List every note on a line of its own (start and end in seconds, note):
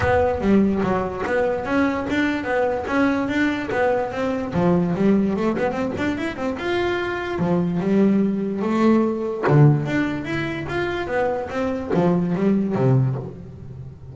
0.00 0.40 B3
0.40 0.81 G3
0.82 1.23 F#3
1.26 1.65 B3
1.65 2.06 C#4
2.09 2.43 D4
2.43 2.84 B3
2.87 3.28 C#4
3.28 3.69 D4
3.71 4.11 B3
4.11 4.52 C4
4.53 4.94 F3
4.95 5.36 G3
5.36 5.57 A3
5.57 5.71 B3
5.71 5.92 C4
5.97 6.17 D4
6.17 6.36 E4
6.36 6.57 C4
6.58 7.39 F4
7.39 7.80 F3
7.80 8.62 G3
8.62 9.44 A3
9.47 9.86 D3
9.86 10.24 D4
10.24 10.66 E4
10.68 11.07 F4
11.07 11.48 B3
11.49 11.90 C4
11.94 12.35 F3
12.35 12.75 G3
12.75 13.16 C3